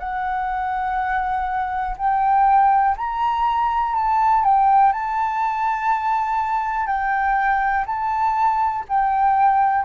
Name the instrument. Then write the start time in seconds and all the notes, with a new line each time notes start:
flute
0.00 F#5
1.98 G5
2.98 A#5
3.96 A5
4.45 G5
4.93 A5
6.87 G5
7.87 A5
8.89 G5